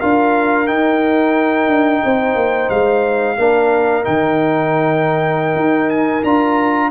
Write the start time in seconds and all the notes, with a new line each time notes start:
0.00 D4 F4 A#4 F5
0.67 D#4 G5
1.68 D4
2.05 C4 C5
2.35 A#3
2.70 G#3 F5
3.38 A#3 D4 A#4
4.04 D#3 D#4 G5
5.55 D#4
5.90 G#5
6.24 D4 F4 A#5